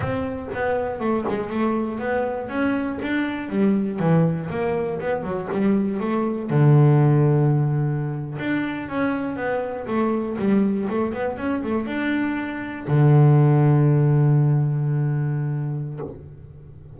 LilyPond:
\new Staff \with { instrumentName = "double bass" } { \time 4/4 \tempo 4 = 120 c'4 b4 a8 gis8 a4 | b4 cis'4 d'4 g4 | e4 ais4 b8 fis8 g4 | a4 d2.~ |
d8. d'4 cis'4 b4 a16~ | a8. g4 a8 b8 cis'8 a8 d'16~ | d'4.~ d'16 d2~ d16~ | d1 | }